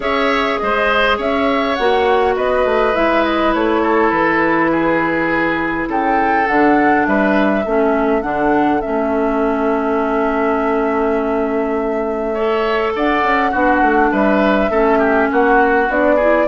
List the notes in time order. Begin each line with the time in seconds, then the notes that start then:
0.00 C#4 G#4 C#5 E5
0.58 G#3 C5 D#5
1.17 C#4 C#5 E5
1.75 A#3 F#4 F#5
2.35 B3 B4 D#5
2.65 A3
2.93 G#3 E4 E5
3.24 D#5
3.54 A3 C#5
3.82 A4
4.10 E3 B4
4.71 G#4
5.87 C#3 A4 G5
6.46 D3 D4 F#5
7.06 G3 B4 E5
7.64 A3 C#4 A4
8.21 D3 D4 F#5
8.80 A3 C#4 E5
12.33 A4 C#5
12.95 D4 D5 F#5
13.22 C#4
13.50 B3 D4 F#4
13.81 A3
14.12 G3 B4 E5
14.70 A3 C#4 A4
14.98 G4
15.31 A#3 F#4 F#5
15.88 B3 D4 D5
16.15 E4 G#4